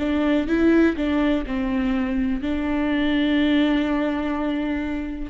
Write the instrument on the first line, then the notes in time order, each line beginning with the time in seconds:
viola
0.00 D4
0.48 E4
0.97 D4
1.47 C4
2.42 D4